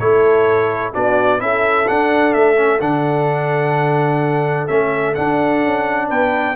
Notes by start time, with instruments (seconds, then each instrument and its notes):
0.00 tuba A3, trombone E4, horn A4, trumpet C#5
0.94 tuba B3, trombone D4, horn F#4, trumpet D5
1.39 tuba C#4, trombone E4, horn A4, trumpet E5
1.88 trombone D4, tuba D4, trumpet F#5
2.33 tuba A3, trumpet E5
2.56 trombone C#4
2.81 tuba D3, trombone D4, trumpet F#5
4.68 tuba A3, trombone C#4, trumpet E5
5.15 trombone D4, tuba D4, trumpet F#5
5.64 tuba C#4
6.09 tuba B3, horn B4, trumpet G5